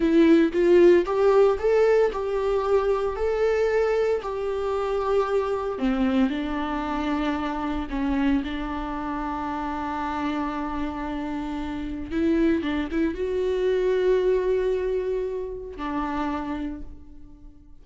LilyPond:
\new Staff \with { instrumentName = "viola" } { \time 4/4 \tempo 4 = 114 e'4 f'4 g'4 a'4 | g'2 a'2 | g'2. c'4 | d'2. cis'4 |
d'1~ | d'2. e'4 | d'8 e'8 fis'2.~ | fis'2 d'2 | }